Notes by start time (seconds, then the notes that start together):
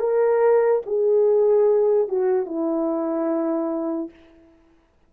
0.00 A#4
0.86 G#4
2.08 F#4
2.46 E4